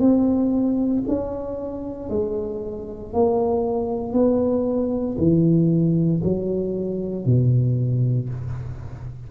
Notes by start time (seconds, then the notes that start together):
0.00 C4
1.08 C#4
2.10 G#3
3.14 A#3
4.13 B3
5.18 E3
6.24 F#3
7.26 B2